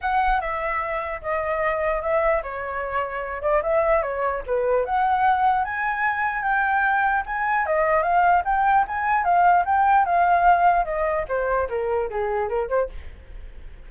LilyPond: \new Staff \with { instrumentName = "flute" } { \time 4/4 \tempo 4 = 149 fis''4 e''2 dis''4~ | dis''4 e''4 cis''2~ | cis''8 d''8 e''4 cis''4 b'4 | fis''2 gis''2 |
g''2 gis''4 dis''4 | f''4 g''4 gis''4 f''4 | g''4 f''2 dis''4 | c''4 ais'4 gis'4 ais'8 c''8 | }